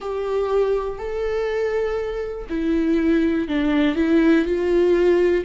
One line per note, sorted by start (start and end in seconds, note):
0.00 0.98 G4
0.98 2.47 A4
2.49 3.48 E4
3.48 3.95 D4
3.95 4.45 E4
4.45 5.44 F4